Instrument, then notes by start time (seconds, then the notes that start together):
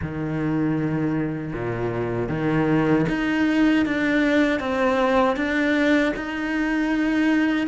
cello
0.02 D#3
1.53 A#2
2.29 D#3
3.08 D#4
3.85 D4
4.59 C4
5.36 D4
6.15 D#4